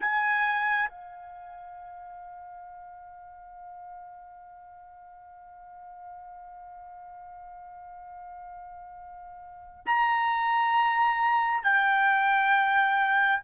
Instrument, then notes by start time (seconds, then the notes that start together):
trumpet
0.00 G#5
0.90 F5
9.86 A#5
11.63 G5